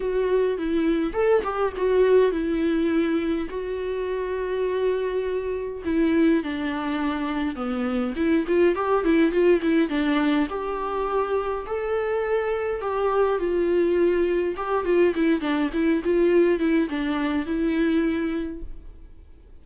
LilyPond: \new Staff \with { instrumentName = "viola" } { \time 4/4 \tempo 4 = 103 fis'4 e'4 a'8 g'8 fis'4 | e'2 fis'2~ | fis'2 e'4 d'4~ | d'4 b4 e'8 f'8 g'8 e'8 |
f'8 e'8 d'4 g'2 | a'2 g'4 f'4~ | f'4 g'8 f'8 e'8 d'8 e'8 f'8~ | f'8 e'8 d'4 e'2 | }